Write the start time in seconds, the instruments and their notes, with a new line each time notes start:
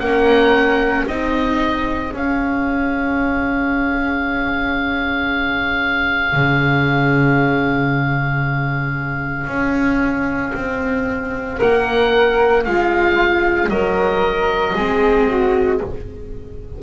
0.00 double bass A#3, viola C#4, flute A#4, oboe F#5
1.05 double bass C4, viola D#4, flute G#4, oboe D#5
2.11 viola C#4, double bass C#4
2.17 oboe F5
6.33 double bass C#3
9.48 double bass C#4
10.55 double bass C4
11.59 double bass A#3, flute A#4, oboe F#5
12.65 double bass G#3, flute F4, oboe F5
13.69 double bass F#3, flute A#4, oboe D#5
14.75 double bass G#3, viola C4, flute G#4
15.28 flute F#4